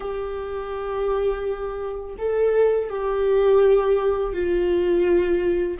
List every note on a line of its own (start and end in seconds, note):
0.00 2.15 G4
2.18 2.89 A4
2.89 4.33 G4
4.33 5.77 F4